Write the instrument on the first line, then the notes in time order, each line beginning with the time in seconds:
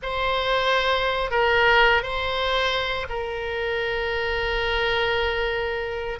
oboe
0.02 C5
1.30 A#4
2.02 C5
3.09 A#4